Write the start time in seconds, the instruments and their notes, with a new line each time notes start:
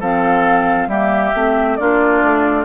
0.00 bassoon F3, clarinet C4, oboe A4, flute F5
0.88 bassoon G3, clarinet A#3, oboe G4, flute E5
1.35 bassoon A3, clarinet C4
1.76 bassoon A#3, clarinet D4, oboe F4, flute D5
2.23 bassoon A3